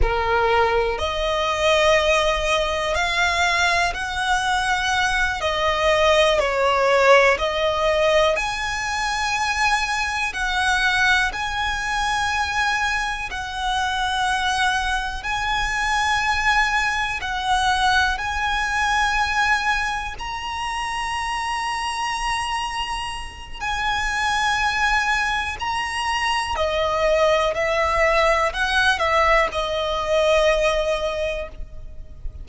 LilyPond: \new Staff \with { instrumentName = "violin" } { \time 4/4 \tempo 4 = 61 ais'4 dis''2 f''4 | fis''4. dis''4 cis''4 dis''8~ | dis''8 gis''2 fis''4 gis''8~ | gis''4. fis''2 gis''8~ |
gis''4. fis''4 gis''4.~ | gis''8 ais''2.~ ais''8 | gis''2 ais''4 dis''4 | e''4 fis''8 e''8 dis''2 | }